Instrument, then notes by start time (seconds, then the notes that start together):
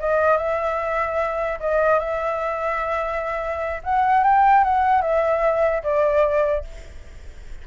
flute
0.00 D#5
0.38 E5
1.61 D#5
2.00 E5
3.84 F#5
4.24 G5
4.65 F#5
5.02 E5
5.84 D5